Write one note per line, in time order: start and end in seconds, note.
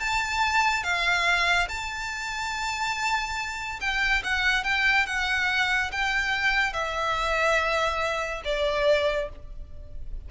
0.00 0.84 A5
0.84 1.68 F5
1.69 3.80 A5
3.81 4.23 G5
4.24 4.64 F#5
4.64 5.07 G5
5.07 5.91 F#5
5.92 6.73 G5
6.73 8.42 E5
8.45 9.29 D5